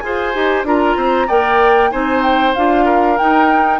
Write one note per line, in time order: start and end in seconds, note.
0.00 0.35 F4
0.00 0.34 G#4
0.00 0.67 C5
0.00 0.63 G#5
0.34 0.64 D#4
0.34 0.65 G4
0.64 0.96 D4
0.64 1.28 F4
0.64 0.97 A#4
0.64 1.29 A#5
0.96 1.28 C4
0.96 1.27 C5
1.27 1.93 A#3
1.27 1.91 A#4
1.27 1.90 D5
1.27 1.91 G5
1.91 2.56 C4
1.91 2.54 D#4
1.91 2.85 C5
1.91 2.22 G#5
2.22 2.54 G5
2.55 3.19 D4
2.55 3.18 F4
2.55 3.18 F5
2.85 3.80 A#4
3.18 3.80 D#4
3.18 3.80 G5